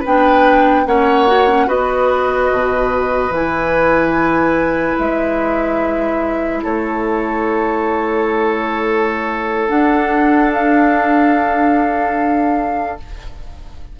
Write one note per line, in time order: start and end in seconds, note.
0.00 0.86 B3
0.00 0.86 D4
0.00 0.82 B4
0.06 0.87 G5
0.86 1.68 A#3
0.86 1.27 C#4
0.86 1.68 C#5
0.86 1.69 F#5
1.28 1.48 F#4
1.48 1.67 C#4
1.67 2.51 B3
1.67 3.31 F#4
1.67 6.61 B4
1.67 3.34 D#5
2.52 3.30 B2
3.30 4.95 E3
3.30 9.69 E4
3.30 4.99 G#5
4.99 6.64 G#3
4.99 6.63 E5
6.63 9.70 A3
6.63 13.00 A4
6.63 9.69 C#5
9.69 12.97 D4
9.69 12.99 D4
9.69 10.51 F#5
10.53 13.00 F5